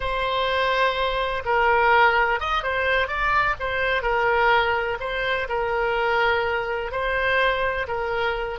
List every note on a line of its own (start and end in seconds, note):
0.00 1.43 C5
1.45 2.39 A#4
2.39 2.63 D#5
2.63 3.07 C5
3.07 3.55 D5
3.59 4.02 C5
4.02 4.97 A#4
4.99 5.47 C5
5.48 6.91 A#4
6.91 7.86 C5
7.87 8.59 A#4